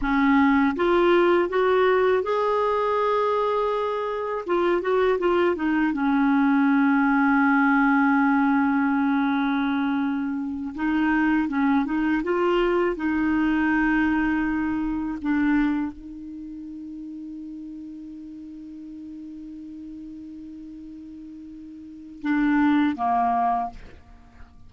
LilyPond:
\new Staff \with { instrumentName = "clarinet" } { \time 4/4 \tempo 4 = 81 cis'4 f'4 fis'4 gis'4~ | gis'2 f'8 fis'8 f'8 dis'8 | cis'1~ | cis'2~ cis'8 dis'4 cis'8 |
dis'8 f'4 dis'2~ dis'8~ | dis'8 d'4 dis'2~ dis'8~ | dis'1~ | dis'2 d'4 ais4 | }